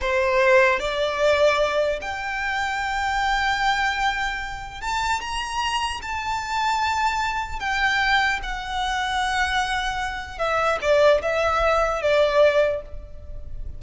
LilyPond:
\new Staff \with { instrumentName = "violin" } { \time 4/4 \tempo 4 = 150 c''2 d''2~ | d''4 g''2.~ | g''1 | a''4 ais''2 a''4~ |
a''2. g''4~ | g''4 fis''2.~ | fis''2 e''4 d''4 | e''2 d''2 | }